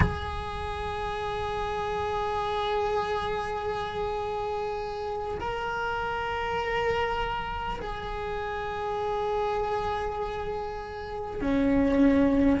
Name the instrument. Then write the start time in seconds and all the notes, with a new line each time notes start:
cello
0.00 G#4
5.40 A#4
7.81 G#4
11.41 C#4